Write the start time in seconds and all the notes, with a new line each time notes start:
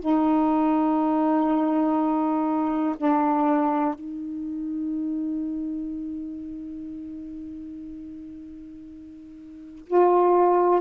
0.00 D#4
2.97 D4
3.94 D#4
9.86 F4